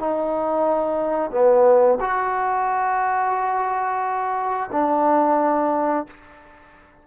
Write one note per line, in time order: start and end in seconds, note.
0.00 1.31 D#4
1.31 1.99 B3
2.01 4.70 F#4
4.72 6.07 D4